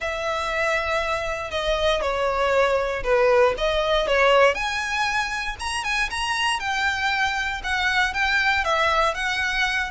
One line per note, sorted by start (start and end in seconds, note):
0.00 1.50 E5
1.50 2.01 D#5
2.01 3.03 C#5
3.03 3.54 B4
3.57 4.07 D#5
4.07 4.54 C#5
4.54 5.56 G#5
5.59 5.84 A#5
5.84 6.09 G#5
6.10 6.59 A#5
6.59 7.61 G5
7.63 8.13 F#5
8.13 8.64 G5
8.64 9.14 E5
9.14 9.90 F#5